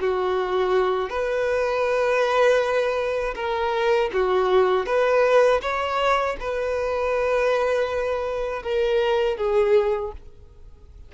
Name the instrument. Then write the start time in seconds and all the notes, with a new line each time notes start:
violin
0.00 F#4
1.09 B4
3.35 A#4
4.13 F#4
4.85 B4
5.61 C#5
6.40 B4
8.62 A#4
9.37 G#4